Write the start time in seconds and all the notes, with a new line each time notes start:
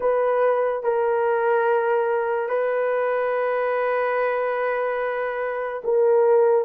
0.00 B4
0.83 A#4
2.48 B4
5.83 A#4